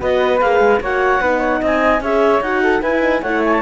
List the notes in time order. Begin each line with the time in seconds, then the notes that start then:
0.00 B3 F#4 B4 D#5
0.41 A#3 G#4 F5
0.60 G#3
0.81 A#3 F#4 C#5 F#5
1.21 B3 D#4 B4
1.40 C#5
1.61 C4 D#5 G#5
2.01 C#4 G#4 C#5 E5
2.41 D#4 F#4 F#5
2.63 A4
2.81 E4 B4 G#5
3.01 D#4
3.22 A3 E4 C#5 F#5
3.45 G#5
3.53 A5